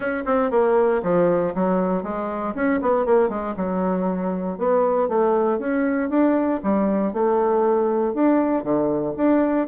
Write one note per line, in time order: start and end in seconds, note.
0.00 0.23 C#4
0.25 0.50 C4
0.50 1.01 A#3
1.03 1.53 F3
1.54 2.03 F#3
2.03 2.54 G#3
2.54 2.80 C#4
2.81 3.05 B3
3.05 3.29 A#3
3.29 3.54 G#3
3.56 4.58 F#3
4.58 5.08 B3
5.08 5.58 A3
5.58 6.09 C#4
6.09 6.60 D4
6.63 7.13 G3
7.13 8.14 A3
8.14 8.63 D4
8.63 9.14 D3
9.16 9.67 D4